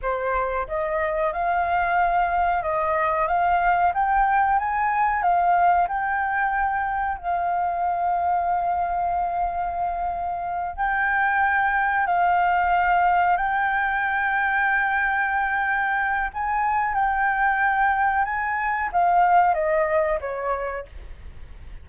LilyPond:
\new Staff \with { instrumentName = "flute" } { \time 4/4 \tempo 4 = 92 c''4 dis''4 f''2 | dis''4 f''4 g''4 gis''4 | f''4 g''2 f''4~ | f''1~ |
f''8 g''2 f''4.~ | f''8 g''2.~ g''8~ | g''4 gis''4 g''2 | gis''4 f''4 dis''4 cis''4 | }